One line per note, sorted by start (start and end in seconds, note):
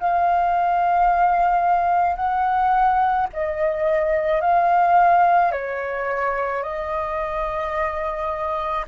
0.00 2.16 F5
2.16 3.27 F#5
3.33 4.41 D#5
4.41 5.52 F5
5.52 6.63 C#5
6.63 8.85 D#5